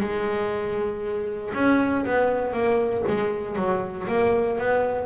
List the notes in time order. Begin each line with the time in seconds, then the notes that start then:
0.00 G#3
1.54 C#4
2.05 B3
2.53 A#3
3.07 G#3
3.56 F#3
4.08 A#3
4.58 B3